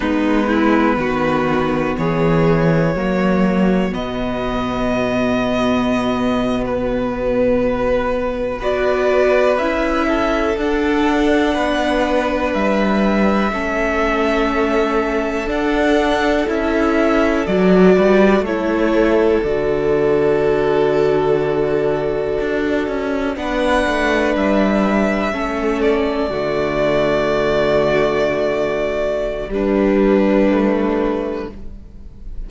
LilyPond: <<
  \new Staff \with { instrumentName = "violin" } { \time 4/4 \tempo 4 = 61 b'2 cis''2 | dis''2~ dis''8. b'4~ b'16~ | b'8. d''4 e''4 fis''4~ fis''16~ | fis''8. e''2. fis''16~ |
fis''8. e''4 d''4 cis''4 d''16~ | d''2.~ d''8. fis''16~ | fis''8. e''4. d''4.~ d''16~ | d''2 b'2 | }
  \new Staff \with { instrumentName = "violin" } { \time 4/4 dis'8 e'8 fis'4 gis'4 fis'4~ | fis'1~ | fis'8. b'4. a'4. b'16~ | b'4.~ b'16 a'2~ a'16~ |
a'2~ a'16 b'8 a'4~ a'16~ | a'2.~ a'8. b'16~ | b'4.~ b'16 a'4 fis'4~ fis'16~ | fis'2 d'2 | }
  \new Staff \with { instrumentName = "viola" } { \time 4/4 b2. ais4 | b1~ | b8. fis'4 e'4 d'4~ d'16~ | d'4.~ d'16 cis'2 d'16~ |
d'8. e'4 fis'4 e'4 fis'16~ | fis'2.~ fis'8. d'16~ | d'4.~ d'16 cis'4 a4~ a16~ | a2 g4 a4 | }
  \new Staff \with { instrumentName = "cello" } { \time 4/4 gis4 dis4 e4 fis4 | b,1~ | b,8. b4 cis'4 d'4 b16~ | b8. g4 a2 d'16~ |
d'8. cis'4 fis8 g8 a4 d16~ | d2~ d8. d'8 cis'8 b16~ | b16 a8 g4 a4 d4~ d16~ | d2 g2 | }
>>